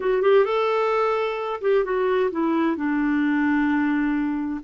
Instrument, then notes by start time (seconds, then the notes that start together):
clarinet
0.00 F#4
0.22 G4
0.44 A4
1.61 G4
1.84 F#4
2.31 E4
2.76 D4